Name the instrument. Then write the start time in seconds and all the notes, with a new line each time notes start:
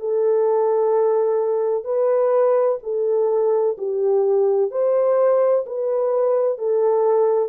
horn
0.00 A4
1.85 B4
2.83 A4
3.78 G4
4.71 C5
5.66 B4
6.58 A4